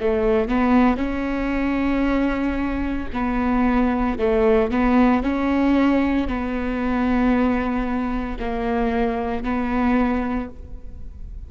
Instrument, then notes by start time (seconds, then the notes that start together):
viola
0.00 A3
0.49 B3
0.97 C#4
3.13 B3
4.19 A3
4.71 B3
5.23 C#4
6.28 B3
8.39 A#3
9.44 B3